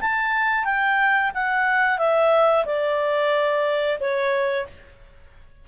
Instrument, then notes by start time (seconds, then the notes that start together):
clarinet
0.00 A5
0.65 G5
1.34 F#5
1.98 E5
2.65 D5
4.00 C#5